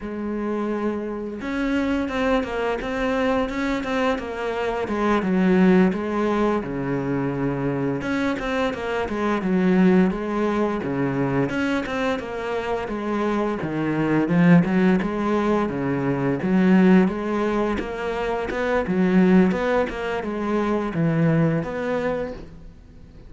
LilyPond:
\new Staff \with { instrumentName = "cello" } { \time 4/4 \tempo 4 = 86 gis2 cis'4 c'8 ais8 | c'4 cis'8 c'8 ais4 gis8 fis8~ | fis8 gis4 cis2 cis'8 | c'8 ais8 gis8 fis4 gis4 cis8~ |
cis8 cis'8 c'8 ais4 gis4 dis8~ | dis8 f8 fis8 gis4 cis4 fis8~ | fis8 gis4 ais4 b8 fis4 | b8 ais8 gis4 e4 b4 | }